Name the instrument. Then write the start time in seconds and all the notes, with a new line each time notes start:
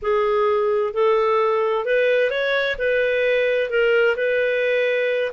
clarinet
0.02 G#4
0.93 A4
1.85 B4
2.30 C#5
2.78 B4
3.69 A#4
4.16 B4